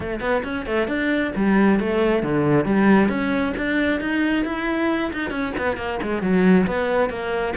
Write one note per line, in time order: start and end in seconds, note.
0.00 0.20 A3
0.20 0.42 B3
0.43 0.65 C#4
0.65 0.87 A3
0.87 1.32 D4
1.35 1.79 G3
1.79 2.22 A3
2.22 2.65 D3
2.65 3.08 G3
3.08 3.53 C#4
3.57 4.00 D4
4.00 4.44 D#4
4.44 5.11 E4
5.12 5.30 D#4
5.30 5.52 C#4
5.57 5.76 B3
5.76 5.99 A#3
6.02 6.22 G#3
6.22 6.66 F#3
6.66 7.09 B3
7.09 7.54 A#3